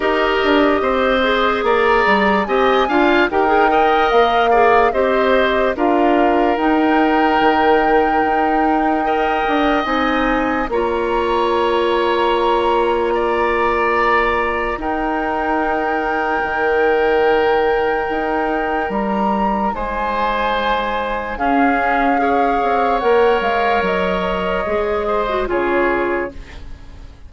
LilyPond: <<
  \new Staff \with { instrumentName = "flute" } { \time 4/4 \tempo 4 = 73 dis''2 ais''4 gis''4 | g''4 f''4 dis''4 f''4 | g''1 | gis''4 ais''2.~ |
ais''2 g''2~ | g''2. ais''4 | gis''2 f''2 | fis''8 f''8 dis''2 cis''4 | }
  \new Staff \with { instrumentName = "oboe" } { \time 4/4 ais'4 c''4 d''4 dis''8 f''8 | ais'8 dis''4 d''8 c''4 ais'4~ | ais'2. dis''4~ | dis''4 cis''2. |
d''2 ais'2~ | ais'1 | c''2 gis'4 cis''4~ | cis''2~ cis''8 c''8 gis'4 | }
  \new Staff \with { instrumentName = "clarinet" } { \time 4/4 g'4. gis'4. g'8 f'8 | g'16 gis'16 ais'4 gis'8 g'4 f'4 | dis'2. ais'4 | dis'4 f'2.~ |
f'2 dis'2~ | dis'1~ | dis'2 cis'4 gis'4 | ais'2 gis'8. fis'16 f'4 | }
  \new Staff \with { instrumentName = "bassoon" } { \time 4/4 dis'8 d'8 c'4 ais8 g8 c'8 d'8 | dis'4 ais4 c'4 d'4 | dis'4 dis4 dis'4. d'8 | c'4 ais2.~ |
ais2 dis'2 | dis2 dis'4 g4 | gis2 cis'4. c'8 | ais8 gis8 fis4 gis4 cis4 | }
>>